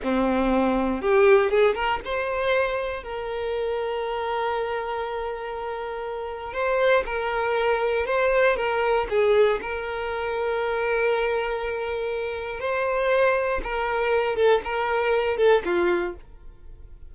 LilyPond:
\new Staff \with { instrumentName = "violin" } { \time 4/4 \tempo 4 = 119 c'2 g'4 gis'8 ais'8 | c''2 ais'2~ | ais'1~ | ais'4 c''4 ais'2 |
c''4 ais'4 gis'4 ais'4~ | ais'1~ | ais'4 c''2 ais'4~ | ais'8 a'8 ais'4. a'8 f'4 | }